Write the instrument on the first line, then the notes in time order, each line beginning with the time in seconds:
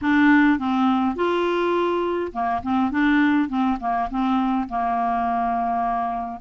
clarinet
0.01 D4
0.58 C4
1.15 F4
2.32 A#3
2.62 C4
2.91 D4
3.48 C4
3.80 A#3
4.10 C4
4.69 A#3